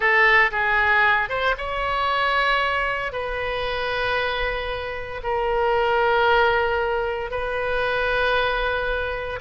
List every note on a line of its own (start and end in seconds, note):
0.00 0.50 A4
0.51 1.29 G#4
1.29 1.55 C5
1.57 3.12 C#5
3.12 5.21 B4
5.23 7.30 A#4
7.30 9.39 B4